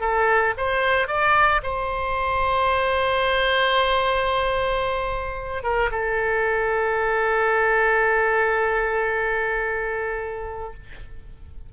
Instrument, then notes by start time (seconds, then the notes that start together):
oboe
0.00 A4
0.57 C5
1.07 D5
1.62 C5
5.63 A#4
5.91 A4